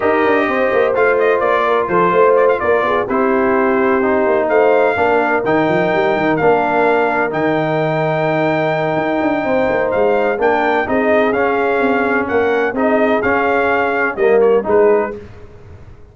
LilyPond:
<<
  \new Staff \with { instrumentName = "trumpet" } { \time 4/4 \tempo 4 = 127 dis''2 f''8 dis''8 d''4 | c''4 d''16 f''16 d''4 c''4.~ | c''4. f''2 g''8~ | g''4. f''2 g''8~ |
g''1~ | g''4 f''4 g''4 dis''4 | f''2 fis''4 dis''4 | f''2 dis''8 cis''8 b'4 | }
  \new Staff \with { instrumentName = "horn" } { \time 4/4 ais'4 c''2~ c''8 ais'8 | a'8 c''4 ais'8 gis'8 g'4.~ | g'4. c''4 ais'4.~ | ais'1~ |
ais'1 | c''2 ais'4 gis'4~ | gis'2 ais'4 gis'4~ | gis'2 ais'4 gis'4 | }
  \new Staff \with { instrumentName = "trombone" } { \time 4/4 g'2 f'2~ | f'2~ f'8 e'4.~ | e'8 dis'2 d'4 dis'8~ | dis'4. d'2 dis'8~ |
dis'1~ | dis'2 d'4 dis'4 | cis'2. dis'4 | cis'2 ais4 dis'4 | }
  \new Staff \with { instrumentName = "tuba" } { \time 4/4 dis'8 d'8 c'8 ais8 a4 ais4 | f8 a4 ais8 b8 c'4.~ | c'4 ais8 a4 ais4 dis8 | f8 g8 dis8 ais2 dis8~ |
dis2. dis'8 d'8 | c'8 ais8 gis4 ais4 c'4 | cis'4 c'4 ais4 c'4 | cis'2 g4 gis4 | }
>>